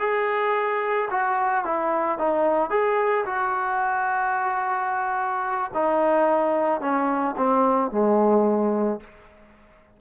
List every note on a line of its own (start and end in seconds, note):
0.00 1.09 G#4
1.11 1.65 F#4
1.65 2.19 E4
2.19 2.70 D#4
2.70 3.25 G#4
3.26 5.71 F#4
5.74 6.81 D#4
6.81 7.36 C#4
7.37 7.92 C4
7.92 9.01 G#3